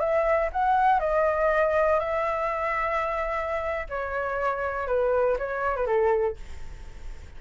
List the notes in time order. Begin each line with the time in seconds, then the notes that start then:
0.00 E5
0.53 F#5
1.00 D#5
2.00 E5
3.89 C#5
4.87 B4
5.39 C#5
5.76 B4
5.87 A4